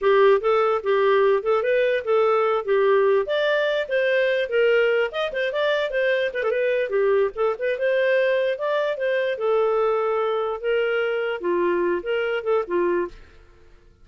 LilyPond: \new Staff \with { instrumentName = "clarinet" } { \time 4/4 \tempo 4 = 147 g'4 a'4 g'4. a'8 | b'4 a'4. g'4. | d''4. c''4. ais'4~ | ais'8 dis''8 c''8 d''4 c''4 b'16 a'16 |
b'4 g'4 a'8 b'8 c''4~ | c''4 d''4 c''4 a'4~ | a'2 ais'2 | f'4. ais'4 a'8 f'4 | }